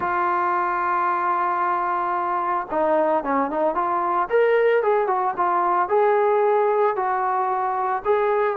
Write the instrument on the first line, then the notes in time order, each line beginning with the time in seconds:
trombone
0.00 F4
2.70 D#4
3.23 C#4
3.50 D#4
3.75 F4
4.29 A#4
4.82 G#4
5.07 F#4
5.36 F4
5.88 G#4
6.95 F#4
8.05 G#4